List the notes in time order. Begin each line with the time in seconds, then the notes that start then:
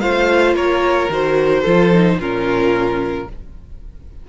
0.00 A3 F4 C5 F5
0.54 A#3 A#4 C#5
1.09 D#3 F#4 C5
1.61 F3 F4 A4
1.93 D#4
2.18 A#2 C#4 F4 A#4